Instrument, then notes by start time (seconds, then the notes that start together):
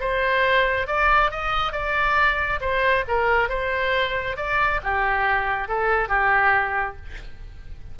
oboe
0.00 C5
0.87 D5
1.31 D#5
1.72 D5
2.60 C5
3.07 A#4
3.49 C5
4.36 D5
4.83 G4
5.68 A4
6.08 G4